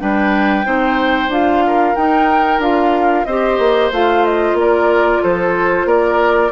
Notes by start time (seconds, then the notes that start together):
0.00 G3 D4 B4 G5
0.65 C4 D#4 C5
1.29 D4 F4 F5
1.67 A#4
1.96 D#4 G5
2.59 D4 F4 F5
3.25 C4 G4 C5 D#5
3.59 A#3
3.92 A3 F4 F5
4.25 D#5
4.54 A#3 D5
4.61 A#4
5.23 F3 A4 C5
5.86 A#3 A#4 D5